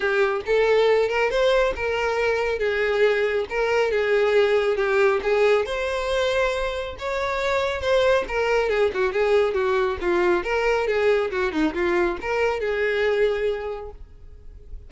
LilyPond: \new Staff \with { instrumentName = "violin" } { \time 4/4 \tempo 4 = 138 g'4 a'4. ais'8 c''4 | ais'2 gis'2 | ais'4 gis'2 g'4 | gis'4 c''2. |
cis''2 c''4 ais'4 | gis'8 fis'8 gis'4 fis'4 f'4 | ais'4 gis'4 fis'8 dis'8 f'4 | ais'4 gis'2. | }